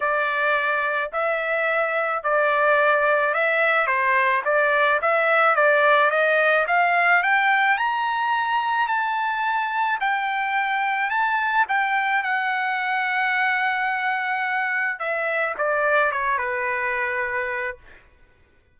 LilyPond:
\new Staff \with { instrumentName = "trumpet" } { \time 4/4 \tempo 4 = 108 d''2 e''2 | d''2 e''4 c''4 | d''4 e''4 d''4 dis''4 | f''4 g''4 ais''2 |
a''2 g''2 | a''4 g''4 fis''2~ | fis''2. e''4 | d''4 cis''8 b'2~ b'8 | }